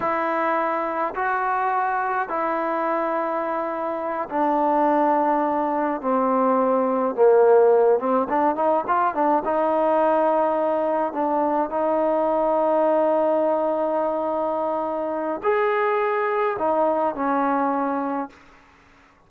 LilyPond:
\new Staff \with { instrumentName = "trombone" } { \time 4/4 \tempo 4 = 105 e'2 fis'2 | e'2.~ e'8 d'8~ | d'2~ d'8 c'4.~ | c'8 ais4. c'8 d'8 dis'8 f'8 |
d'8 dis'2. d'8~ | d'8 dis'2.~ dis'8~ | dis'2. gis'4~ | gis'4 dis'4 cis'2 | }